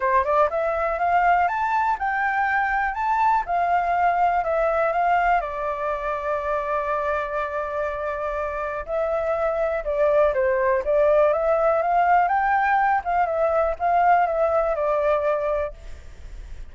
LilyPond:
\new Staff \with { instrumentName = "flute" } { \time 4/4 \tempo 4 = 122 c''8 d''8 e''4 f''4 a''4 | g''2 a''4 f''4~ | f''4 e''4 f''4 d''4~ | d''1~ |
d''2 e''2 | d''4 c''4 d''4 e''4 | f''4 g''4. f''8 e''4 | f''4 e''4 d''2 | }